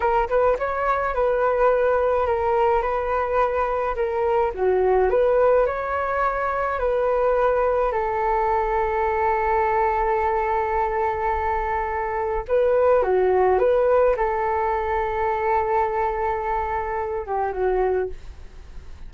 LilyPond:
\new Staff \with { instrumentName = "flute" } { \time 4/4 \tempo 4 = 106 ais'8 b'8 cis''4 b'2 | ais'4 b'2 ais'4 | fis'4 b'4 cis''2 | b'2 a'2~ |
a'1~ | a'2 b'4 fis'4 | b'4 a'2.~ | a'2~ a'8 g'8 fis'4 | }